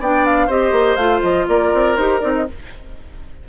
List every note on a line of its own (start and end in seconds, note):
0.00 0.49 B3
0.00 0.49 D4
0.00 0.47 D5
0.00 0.26 G5
0.26 0.50 F5
0.47 0.72 C4
0.47 0.99 G4
0.47 1.45 C5
0.47 0.96 D#5
0.72 0.97 A#3
0.96 1.21 A3
0.96 1.97 F4
0.96 1.21 F5
1.22 1.47 F3
1.22 1.47 D#5
1.48 1.73 A#3
1.48 2.48 A#4
1.48 1.96 D5
1.74 1.98 C4
1.96 2.22 D#4
1.96 2.20 G4
1.96 2.20 C5
2.20 2.49 C4
2.20 2.45 D#4
2.20 2.32 D5
2.35 2.48 D#5